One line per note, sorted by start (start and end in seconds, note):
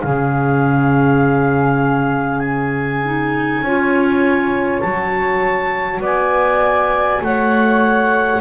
0.00 3.61 C#3
0.00 3.04 C#4
0.00 3.64 G#4
0.00 2.39 F5
2.39 4.79 G#5
3.05 3.65 D#4
3.61 4.81 C#4
3.61 4.84 F4
3.61 6.00 C#5
4.80 6.00 F#3
4.80 8.40 F#4
4.80 6.00 A5
6.00 7.20 B3
6.00 7.21 D5
6.00 7.24 G#5
7.21 8.40 A3
7.21 8.40 C#5
7.21 8.40 F#5